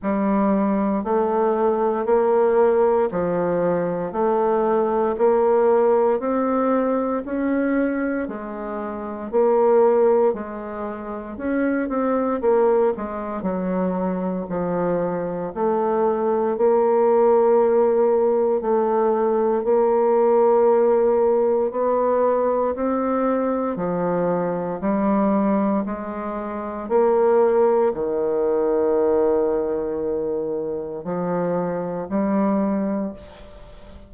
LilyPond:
\new Staff \with { instrumentName = "bassoon" } { \time 4/4 \tempo 4 = 58 g4 a4 ais4 f4 | a4 ais4 c'4 cis'4 | gis4 ais4 gis4 cis'8 c'8 | ais8 gis8 fis4 f4 a4 |
ais2 a4 ais4~ | ais4 b4 c'4 f4 | g4 gis4 ais4 dis4~ | dis2 f4 g4 | }